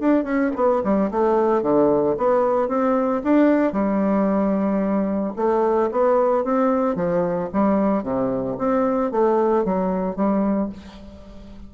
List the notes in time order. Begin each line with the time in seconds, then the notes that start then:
0.00 D4
0.24 C#4
0.56 B3
0.84 G3
1.11 A3
1.62 D3
2.17 B3
2.68 C4
3.24 D4
3.73 G3
5.36 A3
5.91 B3
6.44 C4
6.95 F3
7.53 G3
8.03 C3
8.58 C4
9.11 A3
9.65 F#3
10.16 G3